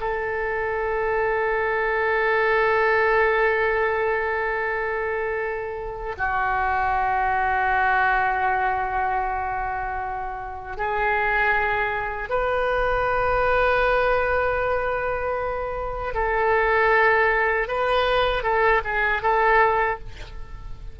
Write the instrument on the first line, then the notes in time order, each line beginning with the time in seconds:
oboe
0.00 A4
6.17 F#4
10.77 G#4
12.29 B4
16.14 A4
17.67 B4
18.43 A4
18.84 G#4
19.22 A4